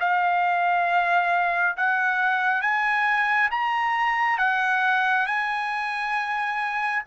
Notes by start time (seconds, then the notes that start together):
0.00 F5
1.77 F#5
2.61 G#5
3.51 A#5
4.38 F#5
5.27 G#5